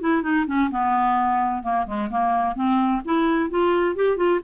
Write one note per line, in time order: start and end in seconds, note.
0.00 0.22 E4
0.22 0.45 D#4
0.47 0.70 C#4
0.71 1.62 B3
1.62 1.86 A#3
1.86 2.10 G#3
2.10 2.55 A#3
2.55 3.01 C4
3.04 3.50 E4
3.50 3.95 F4
3.95 4.17 G4
4.17 4.40 F4